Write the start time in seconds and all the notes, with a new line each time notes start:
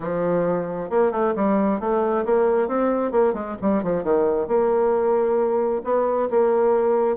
0.00 F3
0.90 A#3
1.11 A3
1.35 G3
1.80 A3
2.25 A#3
2.68 C4
3.11 A#3
3.33 G#3
3.61 G3
3.83 F3
4.03 D#3
4.47 A#3
5.84 B3
6.30 A#3